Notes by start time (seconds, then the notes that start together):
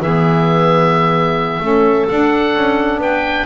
0.00 E3 B3 G#4 E5
1.60 A3 C#4 A4
2.08 D4 F#5
2.55 C#4
2.98 B3 B4 G5